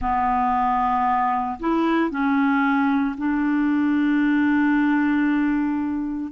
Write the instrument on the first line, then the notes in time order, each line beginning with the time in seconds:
clarinet
0.00 B3
1.59 E4
2.10 C#4
3.17 D4